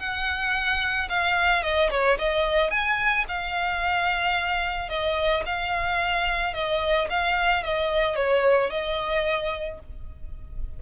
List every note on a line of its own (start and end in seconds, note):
0.00 1.09 F#5
1.09 1.63 F5
1.63 1.90 D#5
1.91 2.18 C#5
2.19 2.71 D#5
2.71 3.26 G#5
3.29 4.89 F5
4.89 5.44 D#5
5.46 6.54 F5
6.54 7.09 D#5
7.10 7.64 F5
7.64 8.16 D#5
8.16 8.71 C#5
8.71 9.80 D#5